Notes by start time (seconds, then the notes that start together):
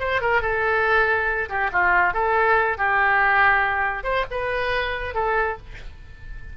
0.00 C5
0.22 A#4
0.42 A4
1.49 G4
1.73 F4
2.14 A4
2.78 G4
4.04 C5
4.31 B4
5.14 A4